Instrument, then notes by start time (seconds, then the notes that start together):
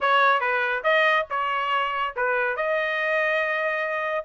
trumpet
0.00 C#5
0.40 B4
0.83 D#5
1.30 C#5
2.15 B4
2.56 D#5